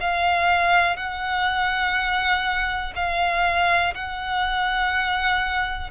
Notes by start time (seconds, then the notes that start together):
0.00 F5
0.97 F#5
2.96 F5
3.94 F#5